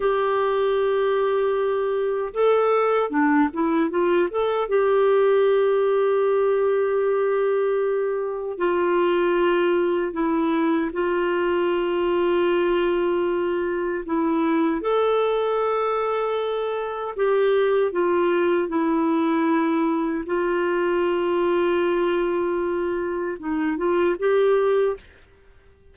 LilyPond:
\new Staff \with { instrumentName = "clarinet" } { \time 4/4 \tempo 4 = 77 g'2. a'4 | d'8 e'8 f'8 a'8 g'2~ | g'2. f'4~ | f'4 e'4 f'2~ |
f'2 e'4 a'4~ | a'2 g'4 f'4 | e'2 f'2~ | f'2 dis'8 f'8 g'4 | }